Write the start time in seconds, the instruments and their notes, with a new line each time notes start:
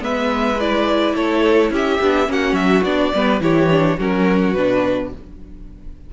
0.00 cello G#3, viola B3, violin B4 E5
0.60 viola E4, violin D5
1.15 cello A3, violin A4 C#5
1.70 cello C#4, violin G4 E5
2.01 cello B3, viola D4
2.26 cello A#3, viola C#4, violin F#4 F#5
2.52 cello F#3, violin E5
2.83 cello B3, viola D4, violin D5
3.14 cello G3, viola B3, violin B4
3.40 cello E3, viola E4, violin G4 C#5
3.70 viola D4
3.97 cello F#3, viola C#4, violin F#4 A#4
4.53 cello B2, viola D4, violin B4